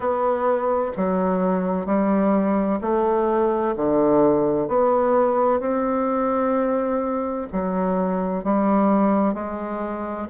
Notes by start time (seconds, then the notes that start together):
0.00 B3
0.96 F#3
1.85 G3
2.81 A3
3.76 D3
4.68 B3
5.60 C4
7.52 F#3
8.44 G3
9.34 G#3